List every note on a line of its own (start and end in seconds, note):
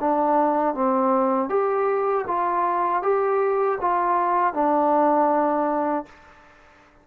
0.00 0.75 D4
0.75 1.49 C4
1.49 2.25 G4
2.27 3.02 F4
3.02 3.78 G4
3.81 4.54 F4
4.54 6.06 D4